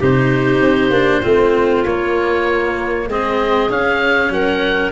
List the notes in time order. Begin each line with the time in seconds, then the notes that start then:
0.00 C3 D#4 G4 C5
0.61 C4
0.91 A#3 D4
1.21 A3 C4 F4
1.85 A#3 C#5
3.07 G#3 C4 G#4 D#5
3.70 C#4 F5
4.30 F#3 A#4 F#5